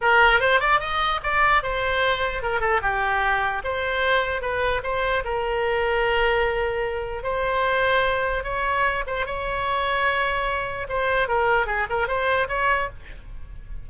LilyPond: \new Staff \with { instrumentName = "oboe" } { \time 4/4 \tempo 4 = 149 ais'4 c''8 d''8 dis''4 d''4 | c''2 ais'8 a'8 g'4~ | g'4 c''2 b'4 | c''4 ais'2.~ |
ais'2 c''2~ | c''4 cis''4. c''8 cis''4~ | cis''2. c''4 | ais'4 gis'8 ais'8 c''4 cis''4 | }